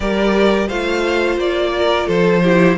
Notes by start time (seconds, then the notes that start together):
0.00 G3 G4 A#4 D5
0.67 A3 F4 C5 F5
1.36 A#3 D5
1.76 A#4
2.07 F3 A4 C5
2.42 E4 G4